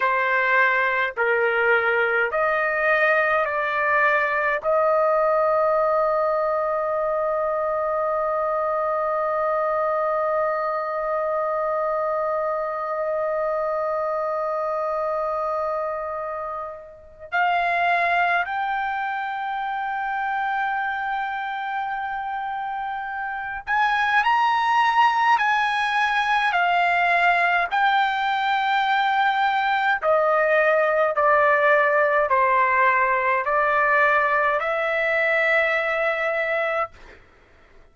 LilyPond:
\new Staff \with { instrumentName = "trumpet" } { \time 4/4 \tempo 4 = 52 c''4 ais'4 dis''4 d''4 | dis''1~ | dis''1~ | dis''2. f''4 |
g''1~ | g''8 gis''8 ais''4 gis''4 f''4 | g''2 dis''4 d''4 | c''4 d''4 e''2 | }